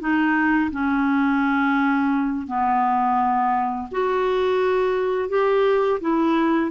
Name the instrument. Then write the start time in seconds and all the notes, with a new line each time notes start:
clarinet
0.00 D#4
0.71 C#4
2.47 B3
3.91 F#4
5.29 G4
6.01 E4